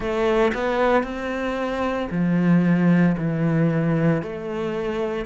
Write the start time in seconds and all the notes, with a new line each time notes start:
0.00 A3
0.54 B3
1.02 C4
2.11 F3
3.17 E3
4.22 A3